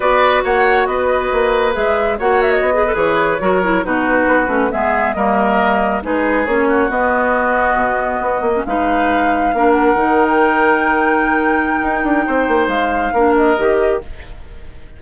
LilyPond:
<<
  \new Staff \with { instrumentName = "flute" } { \time 4/4 \tempo 4 = 137 d''4 fis''4 dis''2 | e''4 fis''8 e''16 dis''4 cis''4~ cis''16~ | cis''8. b'2 e''4 dis''16~ | dis''4.~ dis''16 b'4 cis''4 dis''16~ |
dis''2.~ dis''8. f''16~ | f''2~ f''16 fis''4~ fis''16 g''8~ | g''1~ | g''4 f''4. dis''4. | }
  \new Staff \with { instrumentName = "oboe" } { \time 4/4 b'4 cis''4 b'2~ | b'4 cis''4~ cis''16 b'4. ais'16~ | ais'8. fis'2 gis'4 ais'16~ | ais'4.~ ais'16 gis'4. fis'8.~ |
fis'2.~ fis'8. b'16~ | b'4.~ b'16 ais'2~ ais'16~ | ais'1 | c''2 ais'2 | }
  \new Staff \with { instrumentName = "clarinet" } { \time 4/4 fis'1 | gis'4 fis'4~ fis'16 gis'16 a'16 gis'4 fis'16~ | fis'16 e'8 dis'4. cis'8 b4 ais16~ | ais4.~ ais16 dis'4 cis'4 b16~ |
b2.~ b8 cis'16 dis'16~ | dis'4.~ dis'16 d'4 dis'4~ dis'16~ | dis'1~ | dis'2 d'4 g'4 | }
  \new Staff \with { instrumentName = "bassoon" } { \time 4/4 b4 ais4 b4 ais4 | gis4 ais4 b8. e4 fis16~ | fis8. b,4 b8 a8 gis4 g16~ | g4.~ g16 gis4 ais4 b16~ |
b4.~ b16 b,4 b8 ais8 gis16~ | gis4.~ gis16 ais4 dis4~ dis16~ | dis2. dis'8 d'8 | c'8 ais8 gis4 ais4 dis4 | }
>>